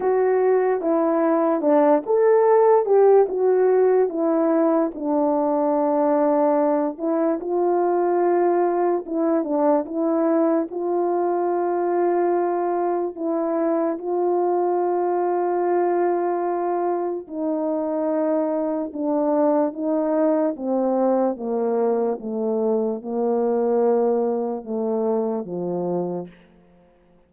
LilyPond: \new Staff \with { instrumentName = "horn" } { \time 4/4 \tempo 4 = 73 fis'4 e'4 d'8 a'4 g'8 | fis'4 e'4 d'2~ | d'8 e'8 f'2 e'8 d'8 | e'4 f'2. |
e'4 f'2.~ | f'4 dis'2 d'4 | dis'4 c'4 ais4 a4 | ais2 a4 f4 | }